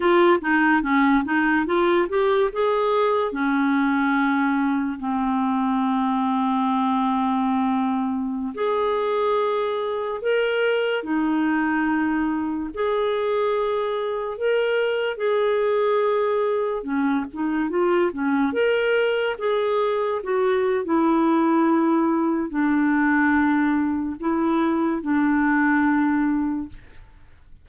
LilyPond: \new Staff \with { instrumentName = "clarinet" } { \time 4/4 \tempo 4 = 72 f'8 dis'8 cis'8 dis'8 f'8 g'8 gis'4 | cis'2 c'2~ | c'2~ c'16 gis'4.~ gis'16~ | gis'16 ais'4 dis'2 gis'8.~ |
gis'4~ gis'16 ais'4 gis'4.~ gis'16~ | gis'16 cis'8 dis'8 f'8 cis'8 ais'4 gis'8.~ | gis'16 fis'8. e'2 d'4~ | d'4 e'4 d'2 | }